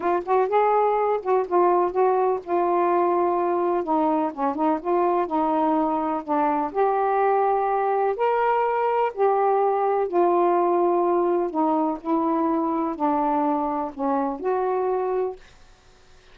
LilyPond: \new Staff \with { instrumentName = "saxophone" } { \time 4/4 \tempo 4 = 125 f'8 fis'8 gis'4. fis'8 f'4 | fis'4 f'2. | dis'4 cis'8 dis'8 f'4 dis'4~ | dis'4 d'4 g'2~ |
g'4 ais'2 g'4~ | g'4 f'2. | dis'4 e'2 d'4~ | d'4 cis'4 fis'2 | }